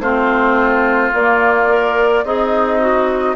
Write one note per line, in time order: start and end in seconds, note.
0.00 1.11 A3
0.00 1.13 C4
0.00 2.25 F4
0.00 1.12 C5
1.14 2.25 A#3
1.14 1.69 A#3
1.14 2.25 D5
1.69 2.25 A#4
2.25 3.36 C4
2.25 3.36 D#4
2.25 2.80 G#4
2.25 3.36 D#5
2.80 3.36 F#4